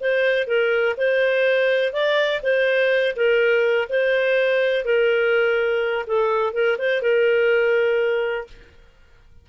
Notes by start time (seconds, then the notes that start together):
0.00 C5
0.47 A#4
0.97 C5
1.93 D5
2.43 C5
3.16 A#4
3.89 C5
4.85 A#4
6.07 A4
6.53 A#4
6.78 C5
7.02 A#4